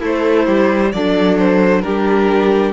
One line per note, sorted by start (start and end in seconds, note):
0.00 0.47 A3
0.00 0.91 E4
0.00 0.46 A4
0.00 0.92 C5
0.46 0.93 G3
0.46 0.91 G4
0.92 1.84 F#3
0.92 1.85 D4
0.92 1.83 A4
0.92 1.38 D5
1.39 1.82 C5
1.82 2.73 G3
1.82 2.73 D4
1.82 2.73 G4
1.82 2.73 A#4